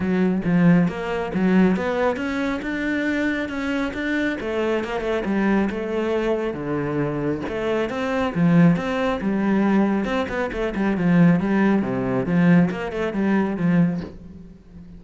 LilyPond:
\new Staff \with { instrumentName = "cello" } { \time 4/4 \tempo 4 = 137 fis4 f4 ais4 fis4 | b4 cis'4 d'2 | cis'4 d'4 a4 ais8 a8 | g4 a2 d4~ |
d4 a4 c'4 f4 | c'4 g2 c'8 b8 | a8 g8 f4 g4 c4 | f4 ais8 a8 g4 f4 | }